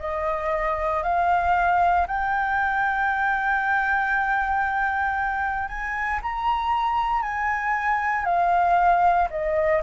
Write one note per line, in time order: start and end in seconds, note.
0.00 1.03 D#5
1.03 2.07 F5
2.07 5.68 G5
5.68 6.20 G#5
6.23 7.23 A#5
7.23 8.25 G#5
8.25 9.29 F5
9.31 9.82 D#5